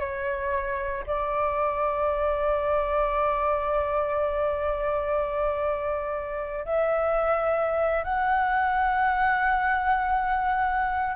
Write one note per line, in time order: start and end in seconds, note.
0.00 1.05 C#5
1.07 6.65 D5
6.65 8.04 E5
8.04 11.16 F#5